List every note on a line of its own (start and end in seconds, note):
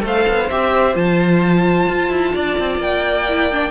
0.00 0.26 A3
0.00 0.46 A4
0.00 2.34 C5
0.07 0.50 F5
0.28 0.51 B3
0.50 0.96 C4
0.50 0.93 G4
0.50 0.96 E5
0.93 1.88 F3
0.93 3.24 F4
0.93 2.81 A5
1.89 2.10 F4
2.10 2.33 E4
2.34 2.59 D4
2.34 3.72 D5
2.60 2.78 C4
2.78 3.70 A#3
2.78 3.72 G5
3.29 3.52 E4
3.52 3.72 D4